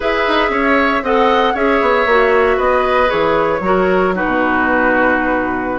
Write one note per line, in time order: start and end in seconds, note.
0.00 0.26 E4
0.00 1.02 G#4
0.00 0.51 B4
0.00 1.04 E5
0.27 0.49 D#4
0.49 1.01 C#4
0.49 1.03 C#5
1.02 1.53 C4
1.02 1.55 A4
1.02 1.54 D#5
1.02 1.56 F#5
1.54 1.80 C#4
1.54 2.06 G#4
1.54 2.57 C#5
1.54 2.59 E5
1.81 2.06 B3
2.06 2.57 A#3
2.06 3.07 F#4
2.57 3.09 B3
2.57 3.60 B4
2.57 3.10 D#5
3.07 3.59 E3
3.07 3.59 G#4
3.07 4.13 C#5
3.59 4.24 F#3
3.59 4.13 F#4
3.59 4.15 A#4
4.13 5.79 D#4
4.13 5.79 F#4
4.13 5.79 B4
4.25 5.79 B2